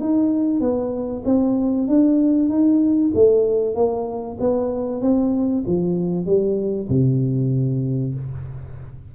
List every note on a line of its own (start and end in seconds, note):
0.00 0.61 D#4
0.61 1.23 B3
1.25 1.88 C4
1.88 2.49 D4
2.49 3.12 D#4
3.14 3.75 A3
3.75 4.38 A#3
4.40 5.02 B3
5.02 5.64 C4
5.67 6.26 F3
6.26 6.89 G3
6.89 8.14 C3